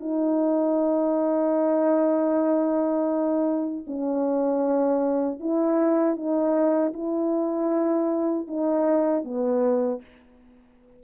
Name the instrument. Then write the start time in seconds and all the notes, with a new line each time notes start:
horn
0.00 D#4
3.87 C#4
5.40 E4
6.16 D#4
6.93 E4
8.48 D#4
9.24 B3